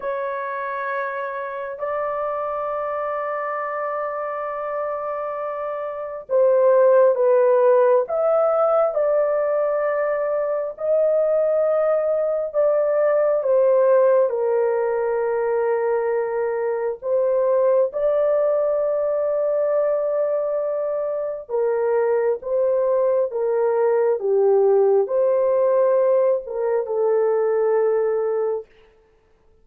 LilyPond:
\new Staff \with { instrumentName = "horn" } { \time 4/4 \tempo 4 = 67 cis''2 d''2~ | d''2. c''4 | b'4 e''4 d''2 | dis''2 d''4 c''4 |
ais'2. c''4 | d''1 | ais'4 c''4 ais'4 g'4 | c''4. ais'8 a'2 | }